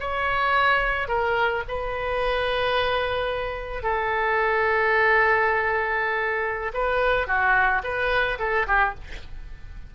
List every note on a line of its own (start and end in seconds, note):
0.00 1.08 C#5
1.08 1.63 A#4
1.68 3.83 B4
3.83 6.72 A4
6.74 7.27 B4
7.27 7.82 F#4
7.84 8.39 B4
8.39 8.66 A4
8.67 8.95 G4